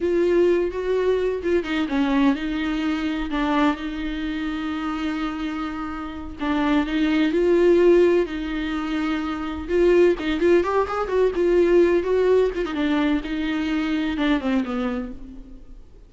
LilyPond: \new Staff \with { instrumentName = "viola" } { \time 4/4 \tempo 4 = 127 f'4. fis'4. f'8 dis'8 | cis'4 dis'2 d'4 | dis'1~ | dis'4. d'4 dis'4 f'8~ |
f'4. dis'2~ dis'8~ | dis'8 f'4 dis'8 f'8 g'8 gis'8 fis'8 | f'4. fis'4 f'16 dis'16 d'4 | dis'2 d'8 c'8 b4 | }